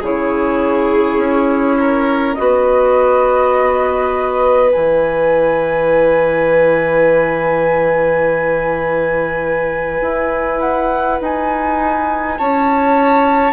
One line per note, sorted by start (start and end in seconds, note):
0.00 1.17 C#3
0.00 2.36 E4
0.00 1.76 G#4
0.00 2.34 C#5
1.17 2.35 C#4
1.79 2.38 A#4
2.34 4.74 B3
2.34 4.69 F#4
2.34 4.69 D#5
2.41 12.38 B4
4.69 13.52 E4
4.69 10.60 G#5
4.76 10.01 E3
10.01 11.19 E4
10.60 11.19 F#5
11.21 12.38 D#4
11.21 12.38 G#5
12.38 13.53 C#4
12.38 13.53 C#5
12.38 13.53 A5